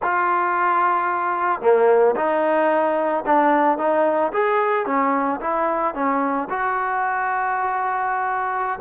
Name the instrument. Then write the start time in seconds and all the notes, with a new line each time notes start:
trombone
0.02 F4
1.61 A#3
2.16 D#4
3.26 D4
3.78 D#4
4.32 G#4
4.86 C#4
5.41 E4
5.94 C#4
6.49 F#4